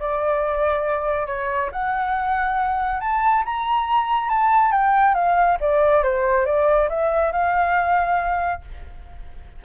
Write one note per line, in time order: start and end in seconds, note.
0.00 1.27 D5
1.27 1.71 C#5
1.72 3.01 F#5
3.01 3.44 A5
3.46 4.29 A#5
4.29 4.72 A5
4.72 5.15 G5
5.15 5.58 F5
5.61 6.04 D5
6.04 6.46 C5
6.46 6.89 D5
6.89 7.33 E5
7.33 8.62 F5